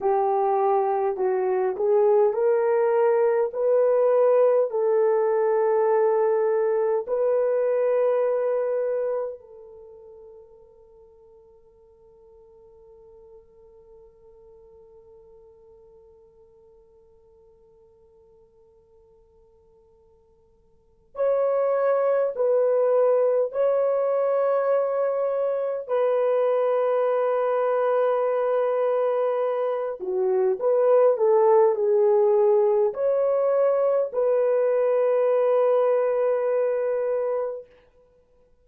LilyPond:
\new Staff \with { instrumentName = "horn" } { \time 4/4 \tempo 4 = 51 g'4 fis'8 gis'8 ais'4 b'4 | a'2 b'2 | a'1~ | a'1~ |
a'2 cis''4 b'4 | cis''2 b'2~ | b'4. fis'8 b'8 a'8 gis'4 | cis''4 b'2. | }